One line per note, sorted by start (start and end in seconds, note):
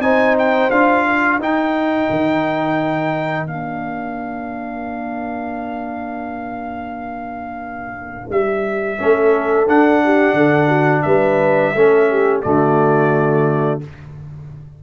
0.00 0.69 C4
0.00 0.71 D#4
0.00 1.07 C5
0.00 0.36 G#5
0.39 0.71 G5
0.71 1.39 D4
0.71 1.41 F4
0.71 1.40 F5
1.07 9.00 A#4
1.39 2.08 D#4
1.39 3.48 D#4
1.39 3.47 G5
2.10 3.47 D#3
3.47 8.30 A#3
3.47 8.99 D4
3.47 8.30 F5
8.30 8.99 G3
8.30 9.69 E5
8.99 9.68 A3
8.99 9.68 C#4
8.99 10.04 A4
9.68 10.33 D4
9.68 11.76 D4
9.68 11.03 F#5
10.05 10.37 G4
10.33 11.02 D3
10.33 10.69 A4
10.69 11.03 F#4
11.03 11.75 G3
11.03 11.75 B4
11.03 12.41 E5
11.75 12.44 A3
11.75 12.44 C#4
11.75 12.10 A4
12.10 12.45 G4
12.42 13.84 D3
12.42 13.82 A3
12.42 13.83 F#4
12.42 13.80 D5